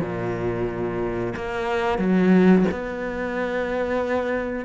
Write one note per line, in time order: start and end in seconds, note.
0.00 1.33 A#2
1.35 1.98 A#3
1.98 2.65 F#3
2.71 4.65 B3